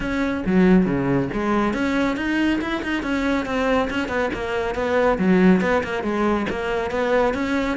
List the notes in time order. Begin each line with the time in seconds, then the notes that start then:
0.00 C#4
0.46 F#3
0.85 C#3
1.33 G#3
1.73 C#4
2.16 D#4
2.61 E4
2.82 D#4
3.02 C#4
3.45 C4
3.90 C#4
4.08 B3
4.33 A#3
4.74 B3
5.18 F#3
5.61 B3
5.83 A#3
6.03 G#3
6.49 A#3
6.90 B3
7.34 C#4